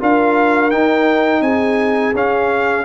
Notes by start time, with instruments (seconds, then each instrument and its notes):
0.00 tuba D4, trombone F4, horn A#4, trumpet F5
0.71 trombone D#4, tuba D#4, trumpet G5
1.42 tuba C4, horn G#4, trumpet G#5
2.14 tuba C#4, trombone C#4, trumpet F5